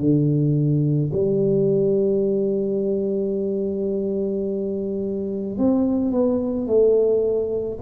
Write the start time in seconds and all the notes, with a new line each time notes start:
0.00 D3
1.14 G3
5.58 C4
6.12 B3
6.68 A3